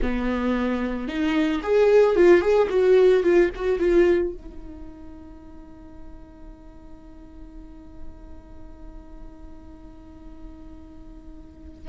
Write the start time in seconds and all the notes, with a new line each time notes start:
0.01 B3
1.07 D#4
1.62 G#4
2.15 F4
2.41 G#4
2.69 F#4
3.23 F4
3.55 F#4
3.79 F4
4.33 D#4